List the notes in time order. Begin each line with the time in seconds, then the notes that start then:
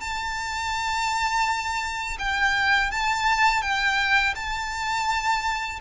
0.00 A5
2.19 G5
2.91 A5
3.62 G5
4.35 A5